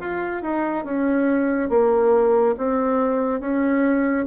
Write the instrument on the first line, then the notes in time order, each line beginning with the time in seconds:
bassoon
0.00 F4
0.42 D#4
0.85 C#4
1.70 A#3
2.58 C4
3.41 C#4